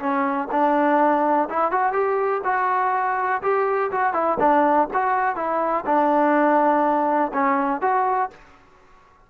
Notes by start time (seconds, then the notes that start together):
0.00 C#4
0.52 D4
1.50 E4
1.72 F#4
1.93 G4
2.45 F#4
3.43 G4
3.92 F#4
4.14 E4
4.40 D4
4.94 F#4
5.36 E4
5.86 D4
7.34 C#4
7.82 F#4